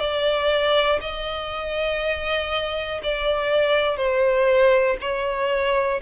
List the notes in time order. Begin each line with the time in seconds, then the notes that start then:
0.00 D5
1.00 D#5
3.03 D5
3.97 C5
5.01 C#5